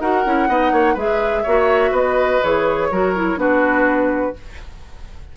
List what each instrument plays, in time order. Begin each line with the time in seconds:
0.00 bassoon D#4, clarinet F#4, oboe A#4, flute F#5
0.25 bassoon C#4, clarinet E4
0.48 bassoon B3, clarinet D#4, oboe D#5
0.72 bassoon A#3, oboe C#5
0.94 bassoon G#3, clarinet G#4, oboe B4, flute E5
1.43 bassoon A#3, clarinet F#4, oboe C#5
1.91 bassoon B3, oboe B4, flute D#5
2.42 bassoon E3, clarinet G#4, flute C#5
2.91 bassoon F#3, clarinet F#4, oboe A#4
3.16 clarinet E4
3.36 bassoon B3, clarinet D4, oboe F#4, flute B4